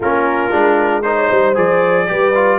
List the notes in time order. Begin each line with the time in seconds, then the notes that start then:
0.00 A#3 C#4 F4 A#4
0.50 G#3 D4
1.02 D#4 A#4 C5
1.16 C#5
1.29 G3 C5
1.55 F3 G#4 D5
2.06 G3 G4 B4
2.34 F4